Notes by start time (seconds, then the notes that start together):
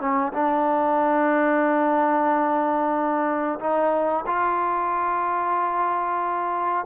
0.00 C#4
0.33 D4
3.60 D#4
4.26 F4